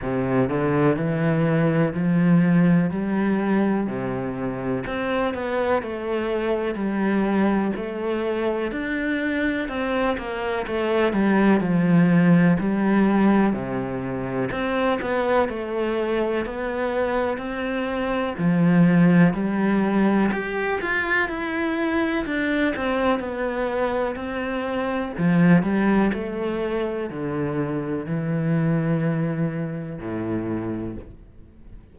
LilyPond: \new Staff \with { instrumentName = "cello" } { \time 4/4 \tempo 4 = 62 c8 d8 e4 f4 g4 | c4 c'8 b8 a4 g4 | a4 d'4 c'8 ais8 a8 g8 | f4 g4 c4 c'8 b8 |
a4 b4 c'4 f4 | g4 g'8 f'8 e'4 d'8 c'8 | b4 c'4 f8 g8 a4 | d4 e2 a,4 | }